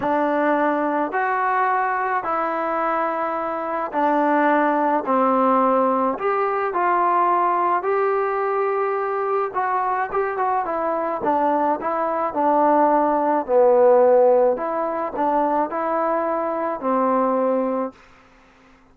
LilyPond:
\new Staff \with { instrumentName = "trombone" } { \time 4/4 \tempo 4 = 107 d'2 fis'2 | e'2. d'4~ | d'4 c'2 g'4 | f'2 g'2~ |
g'4 fis'4 g'8 fis'8 e'4 | d'4 e'4 d'2 | b2 e'4 d'4 | e'2 c'2 | }